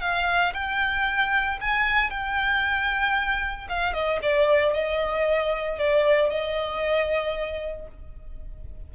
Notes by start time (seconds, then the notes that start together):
0.00 F5
0.54 G5
1.60 G#5
2.10 G5
3.69 F5
3.93 D#5
4.22 D5
4.73 D#5
5.78 D5
6.30 D#5